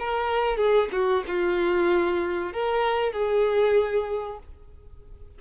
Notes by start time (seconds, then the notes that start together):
0.00 A#4
0.57 G#4
0.93 F#4
1.28 F4
2.53 A#4
3.13 G#4